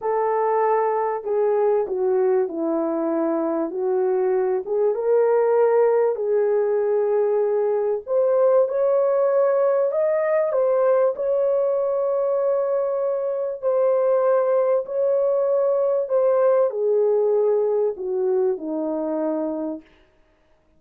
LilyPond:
\new Staff \with { instrumentName = "horn" } { \time 4/4 \tempo 4 = 97 a'2 gis'4 fis'4 | e'2 fis'4. gis'8 | ais'2 gis'2~ | gis'4 c''4 cis''2 |
dis''4 c''4 cis''2~ | cis''2 c''2 | cis''2 c''4 gis'4~ | gis'4 fis'4 dis'2 | }